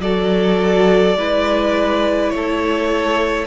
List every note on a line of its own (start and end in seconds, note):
0.00 1.15 F#3
0.00 1.17 F#4
0.00 1.18 A4
0.00 2.30 D5
1.16 2.31 G#3
1.16 3.47 E4
1.16 2.34 B4
2.30 3.47 A3
2.30 3.46 C#5
2.36 3.47 A4